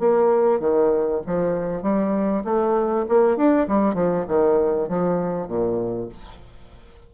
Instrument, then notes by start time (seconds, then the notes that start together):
bassoon
0.00 A#3
0.60 D#3
1.27 F3
1.83 G3
2.45 A3
3.09 A#3
3.37 D4
3.68 G3
3.95 F3
4.28 D#3
4.89 F3
5.48 A#2